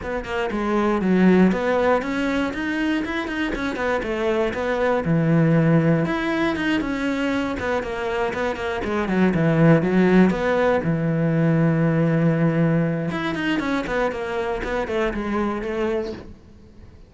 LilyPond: \new Staff \with { instrumentName = "cello" } { \time 4/4 \tempo 4 = 119 b8 ais8 gis4 fis4 b4 | cis'4 dis'4 e'8 dis'8 cis'8 b8 | a4 b4 e2 | e'4 dis'8 cis'4. b8 ais8~ |
ais8 b8 ais8 gis8 fis8 e4 fis8~ | fis8 b4 e2~ e8~ | e2 e'8 dis'8 cis'8 b8 | ais4 b8 a8 gis4 a4 | }